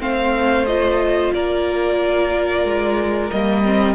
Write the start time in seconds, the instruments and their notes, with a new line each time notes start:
0.00 cello A3, viola C4, violin C5 F5
0.66 viola F4, violin D#5
1.34 cello A#3, violin A#4 D5
2.65 cello G#3
3.31 cello G3, viola A#3, violin D#5
3.65 viola C4